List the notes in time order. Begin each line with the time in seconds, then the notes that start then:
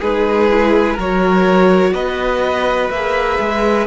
0.00 G#3 D#4 G#4 B4
0.50 E4
0.94 F#3 F#4 A#4 C#5
1.93 B3 B4 D#5
2.90 A#3 G#4 E5
3.39 G#3